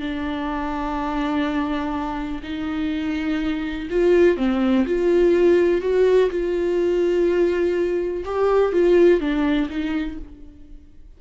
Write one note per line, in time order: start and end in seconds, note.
0.00 2.42 D4
2.43 3.88 D#4
3.90 4.37 F4
4.37 4.85 C4
4.86 5.82 F4
5.82 6.30 F#4
6.30 8.24 F4
8.25 8.73 G4
8.73 9.20 F4
9.20 9.68 D4
9.69 10.18 D#4